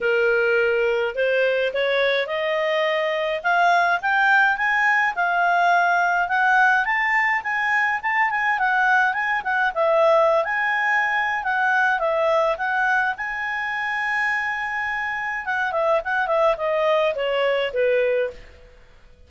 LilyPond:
\new Staff \with { instrumentName = "clarinet" } { \time 4/4 \tempo 4 = 105 ais'2 c''4 cis''4 | dis''2 f''4 g''4 | gis''4 f''2 fis''4 | a''4 gis''4 a''8 gis''8 fis''4 |
gis''8 fis''8 e''4~ e''16 gis''4.~ gis''16 | fis''4 e''4 fis''4 gis''4~ | gis''2. fis''8 e''8 | fis''8 e''8 dis''4 cis''4 b'4 | }